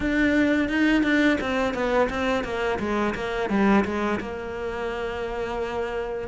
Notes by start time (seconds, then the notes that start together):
0.00 D4
0.68 D#4
1.03 D4
1.40 C4
1.74 B3
2.09 C4
2.44 A#3
2.79 G#3
3.14 A#3
3.49 G3
3.84 G#3
4.20 A#3